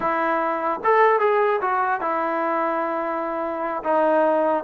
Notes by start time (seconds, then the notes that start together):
0.00 E4
0.84 A4
1.19 G#4
1.61 F#4
2.00 E4
3.83 D#4